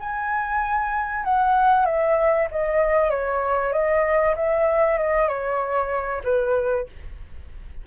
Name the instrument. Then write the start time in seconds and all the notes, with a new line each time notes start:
flute
0.00 G#5
1.24 F#5
1.86 E5
2.51 D#5
3.11 C#5
3.73 D#5
4.36 E5
4.98 D#5
5.28 C#5
6.24 B4